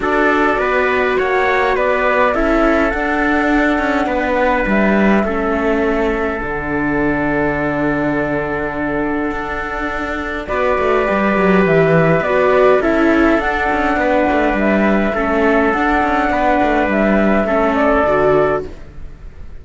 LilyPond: <<
  \new Staff \with { instrumentName = "flute" } { \time 4/4 \tempo 4 = 103 d''2 fis''4 d''4 | e''4 fis''2. | e''2. fis''4~ | fis''1~ |
fis''2 d''2 | e''4 d''4 e''4 fis''4~ | fis''4 e''2 fis''4~ | fis''4 e''4. d''4. | }
  \new Staff \with { instrumentName = "trumpet" } { \time 4/4 a'4 b'4 cis''4 b'4 | a'2. b'4~ | b'4 a'2.~ | a'1~ |
a'2 b'2~ | b'2 a'2 | b'2 a'2 | b'2 a'2 | }
  \new Staff \with { instrumentName = "viola" } { \time 4/4 fis'1 | e'4 d'2.~ | d'4 cis'2 d'4~ | d'1~ |
d'2 fis'4 g'4~ | g'4 fis'4 e'4 d'4~ | d'2 cis'4 d'4~ | d'2 cis'4 fis'4 | }
  \new Staff \with { instrumentName = "cello" } { \time 4/4 d'4 b4 ais4 b4 | cis'4 d'4. cis'8 b4 | g4 a2 d4~ | d1 |
d'2 b8 a8 g8 fis8 | e4 b4 cis'4 d'8 cis'8 | b8 a8 g4 a4 d'8 cis'8 | b8 a8 g4 a4 d4 | }
>>